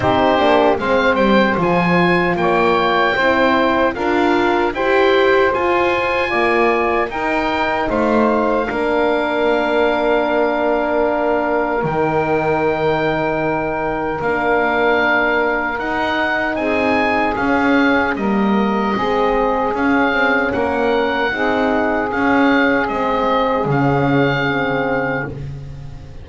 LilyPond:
<<
  \new Staff \with { instrumentName = "oboe" } { \time 4/4 \tempo 4 = 76 c''4 f''8 g''8 gis''4 g''4~ | g''4 f''4 g''4 gis''4~ | gis''4 g''4 f''2~ | f''2. g''4~ |
g''2 f''2 | fis''4 gis''4 f''4 dis''4~ | dis''4 f''4 fis''2 | f''4 dis''4 f''2 | }
  \new Staff \with { instrumentName = "saxophone" } { \time 4/4 g'4 c''2 cis''4 | c''4 ais'4 c''2 | d''4 ais'4 c''4 ais'4~ | ais'1~ |
ais'1~ | ais'4 gis'2 ais'4 | gis'2 ais'4 gis'4~ | gis'1 | }
  \new Staff \with { instrumentName = "horn" } { \time 4/4 dis'8 d'8 c'4 f'2 | e'4 f'4 g'4 f'4~ | f'4 dis'2 d'4~ | d'2. dis'4~ |
dis'2 d'2 | dis'2 cis'4 ais4 | c'4 cis'2 dis'4 | cis'4 c'4 cis'4 c'4 | }
  \new Staff \with { instrumentName = "double bass" } { \time 4/4 c'8 ais8 gis8 g8 f4 ais4 | c'4 d'4 e'4 f'4 | ais4 dis'4 a4 ais4~ | ais2. dis4~ |
dis2 ais2 | dis'4 c'4 cis'4 g4 | gis4 cis'8 c'8 ais4 c'4 | cis'4 gis4 cis2 | }
>>